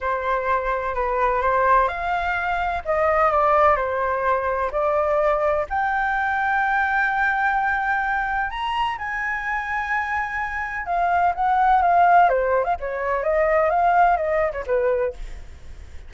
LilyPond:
\new Staff \with { instrumentName = "flute" } { \time 4/4 \tempo 4 = 127 c''2 b'4 c''4 | f''2 dis''4 d''4 | c''2 d''2 | g''1~ |
g''2 ais''4 gis''4~ | gis''2. f''4 | fis''4 f''4 c''8. f''16 cis''4 | dis''4 f''4 dis''8. cis''16 b'4 | }